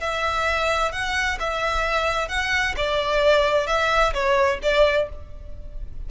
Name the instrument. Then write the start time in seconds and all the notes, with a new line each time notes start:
violin
0.00 E5
0.92 F#5
1.40 E5
2.29 F#5
2.77 D5
3.67 E5
4.14 C#5
4.63 D5